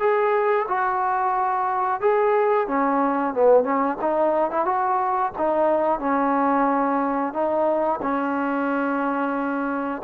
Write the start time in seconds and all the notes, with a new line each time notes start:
0.00 G#4
0.68 F#4
2.02 G#4
2.68 C#4
3.34 B3
3.64 C#4
4.02 D#4
4.52 E4
4.66 F#4
5.38 D#4
6.00 C#4
7.34 D#4
8.02 C#4